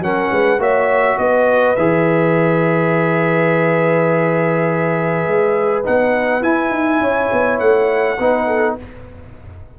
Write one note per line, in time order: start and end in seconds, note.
0.00 0.29 F#3
0.00 0.60 C#4
0.00 0.32 A#4
0.00 0.62 F#5
0.32 0.59 G#3
0.32 0.60 B4
0.59 1.17 A#3
0.59 1.77 F#4
0.59 1.19 C#5
0.59 1.19 E5
1.18 1.77 B3
1.18 7.02 B4
1.18 1.76 D#5
1.76 5.27 E3
1.76 5.85 G#4
1.76 5.84 E5
5.27 5.85 G#3
5.85 6.42 B3
5.85 6.42 D#4
5.85 6.43 F#5
6.42 6.71 E4
6.42 8.17 E4
6.42 7.60 G#5
6.71 7.00 D#4
7.01 7.30 C#4
7.01 8.18 C#5
7.33 7.61 B3
7.60 8.19 A3
7.60 8.76 F#5
8.19 8.78 B3
8.19 8.79 D#4
8.19 8.48 B4
8.48 8.77 A4